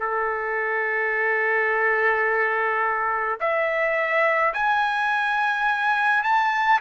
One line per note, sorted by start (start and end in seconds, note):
0.00 3.40 A4
3.41 4.54 E5
4.54 6.24 G#5
6.24 6.80 A5